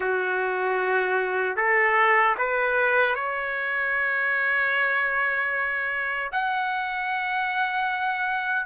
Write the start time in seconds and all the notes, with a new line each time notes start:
0.00 F#4
1.56 A4
2.38 B4
3.15 C#5
6.32 F#5